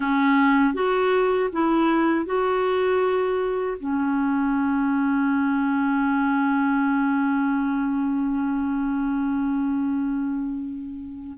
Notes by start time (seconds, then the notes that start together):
0.00 C#4
0.74 F#4
1.52 E4
2.25 F#4
3.80 C#4